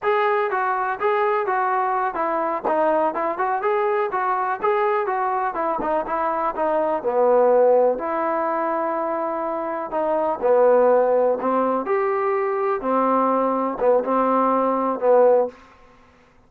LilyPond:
\new Staff \with { instrumentName = "trombone" } { \time 4/4 \tempo 4 = 124 gis'4 fis'4 gis'4 fis'4~ | fis'8 e'4 dis'4 e'8 fis'8 gis'8~ | gis'8 fis'4 gis'4 fis'4 e'8 | dis'8 e'4 dis'4 b4.~ |
b8 e'2.~ e'8~ | e'8 dis'4 b2 c'8~ | c'8 g'2 c'4.~ | c'8 b8 c'2 b4 | }